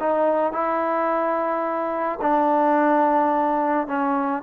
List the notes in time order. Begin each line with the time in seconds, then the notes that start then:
0.00 D#4
0.53 E4
2.21 D4
3.87 C#4